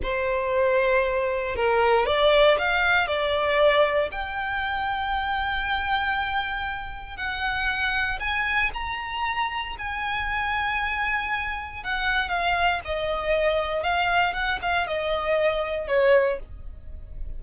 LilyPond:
\new Staff \with { instrumentName = "violin" } { \time 4/4 \tempo 4 = 117 c''2. ais'4 | d''4 f''4 d''2 | g''1~ | g''2 fis''2 |
gis''4 ais''2 gis''4~ | gis''2. fis''4 | f''4 dis''2 f''4 | fis''8 f''8 dis''2 cis''4 | }